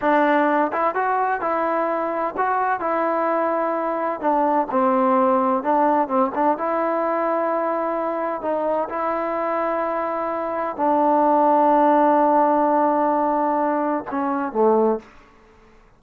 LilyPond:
\new Staff \with { instrumentName = "trombone" } { \time 4/4 \tempo 4 = 128 d'4. e'8 fis'4 e'4~ | e'4 fis'4 e'2~ | e'4 d'4 c'2 | d'4 c'8 d'8 e'2~ |
e'2 dis'4 e'4~ | e'2. d'4~ | d'1~ | d'2 cis'4 a4 | }